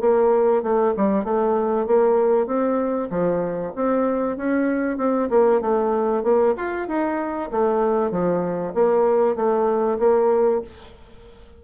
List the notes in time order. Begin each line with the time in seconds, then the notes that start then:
0.00 A#3
0.63 A3
0.97 G3
1.24 A3
1.86 A#3
2.46 C4
3.10 F3
3.76 C4
4.37 C#4
4.97 C4
5.30 A#3
5.61 A3
6.23 A#3
6.57 F4
6.88 D#4
7.51 A3
8.11 F3
8.74 A#3
9.36 A3
9.99 A#3